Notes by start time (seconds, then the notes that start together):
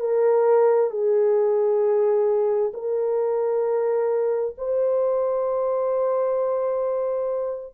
0.00 A#4
0.90 G#4
2.74 A#4
4.57 C5